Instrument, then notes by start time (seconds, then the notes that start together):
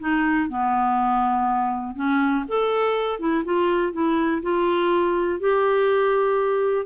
clarinet
0.00 D#4
0.49 B3
1.96 C#4
2.48 A4
3.19 E4
3.45 F4
3.93 E4
4.42 F4
5.40 G4